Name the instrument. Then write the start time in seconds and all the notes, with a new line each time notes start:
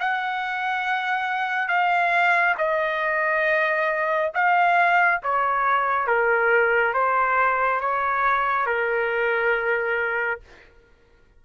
trumpet
0.00 F#5
1.68 F5
2.58 D#5
4.34 F5
5.23 C#5
6.07 A#4
6.94 C5
7.81 C#5
8.66 A#4